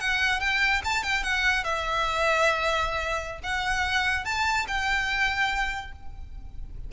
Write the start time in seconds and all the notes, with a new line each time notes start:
0.00 F#5
0.40 G5
0.84 A5
1.03 G5
1.23 F#5
1.64 E5
3.43 F#5
4.25 A5
4.68 G5